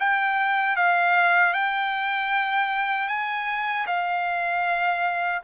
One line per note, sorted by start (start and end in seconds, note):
0.00 0.77 G5
0.77 1.54 F5
1.54 3.09 G5
3.09 3.87 G#5
3.87 5.43 F5